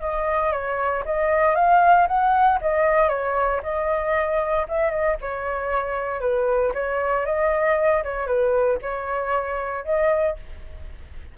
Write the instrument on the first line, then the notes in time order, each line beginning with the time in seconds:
flute
0.00 D#5
0.51 C#5
1.05 D#5
1.55 F5
2.07 F#5
2.61 D#5
3.08 C#5
3.63 D#5
4.68 E5
4.90 D#5
5.21 C#5
6.20 B4
6.74 C#5
7.25 D#5
8.03 C#5
8.26 B4
8.82 C#5
9.84 D#5